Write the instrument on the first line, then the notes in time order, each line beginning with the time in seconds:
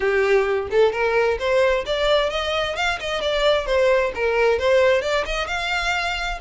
violin
0.00 G4
0.71 A4
0.92 A#4
1.39 C5
1.85 D5
2.30 D#5
2.76 F5
2.99 D#5
3.21 D5
3.66 C5
4.14 A#4
4.58 C5
5.01 D5
5.25 D#5
5.47 F5